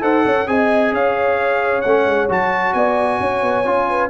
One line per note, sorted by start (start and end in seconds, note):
0.00 0.25 D#4
0.00 0.45 A4
0.00 0.24 C5
0.00 0.48 F#5
0.25 0.47 C#4
0.25 0.48 C#5
0.47 0.92 C4
0.47 1.83 G#4
0.47 0.94 D#5
0.47 0.93 G#5
0.92 1.83 C#4
0.92 2.75 C#5
0.92 1.81 F5
1.81 2.06 A3
1.81 2.28 C#4
1.81 2.26 F#5
2.06 2.28 G#3
2.28 2.74 F#3
2.28 3.64 F#4
2.28 2.73 A5
2.73 3.19 B3
2.73 3.20 D5
2.73 4.09 G#5
3.20 3.42 C#4
3.20 3.88 C#5
3.42 3.64 B3
3.64 4.09 C#4
3.64 4.09 F4
3.88 4.09 B4